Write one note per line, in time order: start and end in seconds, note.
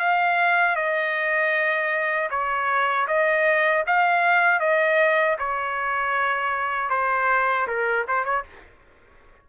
0.00 0.76 F5
0.76 2.30 D#5
2.30 3.07 C#5
3.08 3.85 D#5
3.87 4.60 F5
4.60 5.37 D#5
5.39 6.91 C#5
6.91 7.67 C5
7.68 8.06 A#4
8.08 8.25 C5
8.25 8.44 C#5